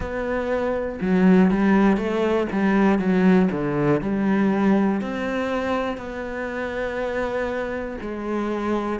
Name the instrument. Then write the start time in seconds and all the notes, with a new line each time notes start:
cello
0.00 B3
1.00 F#3
1.50 G3
1.97 A3
2.52 G3
2.99 F#3
3.51 D3
4.00 G3
5.01 C4
5.97 B3
8.01 G#3